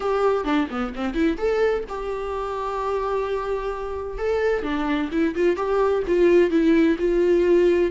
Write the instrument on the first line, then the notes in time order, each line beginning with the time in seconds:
viola
0.00 G4
0.44 D4
0.70 B3
0.95 C4
1.14 E4
1.37 A4
1.88 G4
4.18 A4
4.63 D4
5.11 E4
5.35 F4
5.56 G4
6.07 F4
6.50 E4
6.98 F4